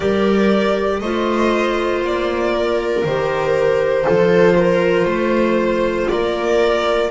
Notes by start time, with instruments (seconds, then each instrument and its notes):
0.00 double bass G3, clarinet G4, viola A#4, violin D5
1.00 double bass A3, clarinet F4, viola C5, violin D#5
2.01 double bass A#3, violin D5
2.54 viola A#4
3.04 double bass D#3, clarinet G4, violin C5
4.04 double bass F3, clarinet F4, viola A4
4.58 viola A#4
5.04 double bass A3, viola C5
6.08 double bass A#3, viola A#4, violin D5